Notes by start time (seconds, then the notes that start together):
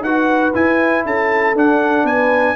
0.00 D#4 F#4 B4 F#5
0.54 E4 G#5
1.05 C#4 A4 A5
1.55 D4 F#5
2.04 B3 B4 G#5